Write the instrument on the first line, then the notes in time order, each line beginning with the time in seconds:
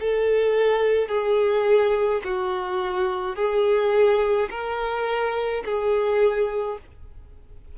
violin
0.00 A4
1.08 G#4
2.24 F#4
3.36 G#4
4.50 A#4
5.66 G#4